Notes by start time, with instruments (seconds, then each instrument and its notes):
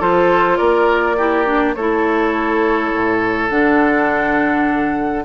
0.00 bassoon F3, clarinet F4, oboe A4, flute C5
0.57 bassoon A#3, oboe A#4, flute D5
1.17 clarinet E4, oboe G4
1.46 clarinet D4
1.74 bassoon A3, clarinet E4, oboe A4, flute C#5
2.93 bassoon A2
3.50 bassoon D3, clarinet D4, flute F#5